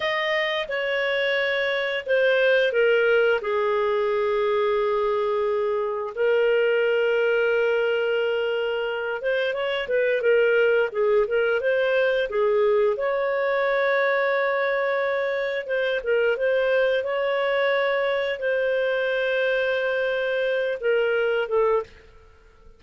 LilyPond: \new Staff \with { instrumentName = "clarinet" } { \time 4/4 \tempo 4 = 88 dis''4 cis''2 c''4 | ais'4 gis'2.~ | gis'4 ais'2.~ | ais'4. c''8 cis''8 b'8 ais'4 |
gis'8 ais'8 c''4 gis'4 cis''4~ | cis''2. c''8 ais'8 | c''4 cis''2 c''4~ | c''2~ c''8 ais'4 a'8 | }